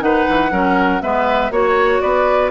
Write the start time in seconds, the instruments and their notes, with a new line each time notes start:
0.00 bassoon D#3, clarinet D#4, oboe B4, flute F#5
0.29 bassoon E3
0.51 bassoon F#3, clarinet C#4, oboe A#4
1.01 bassoon G#3, clarinet B3, oboe B4, flute E5
1.50 bassoon A#3, clarinet F#4, flute C#5, oboe C#5
2.00 bassoon B3, oboe B4, flute D5